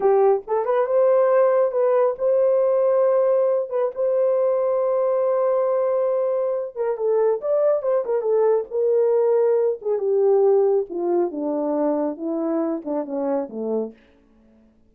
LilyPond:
\new Staff \with { instrumentName = "horn" } { \time 4/4 \tempo 4 = 138 g'4 a'8 b'8 c''2 | b'4 c''2.~ | c''8 b'8 c''2.~ | c''2.~ c''8 ais'8 |
a'4 d''4 c''8 ais'8 a'4 | ais'2~ ais'8 gis'8 g'4~ | g'4 f'4 d'2 | e'4. d'8 cis'4 a4 | }